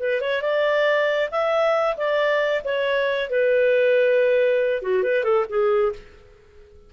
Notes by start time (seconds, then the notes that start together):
0.00 B4
0.21 C#5
0.42 D5
1.31 E5
1.97 D5
2.65 C#5
3.30 B4
4.82 F#4
5.03 B4
5.24 A4
5.49 G#4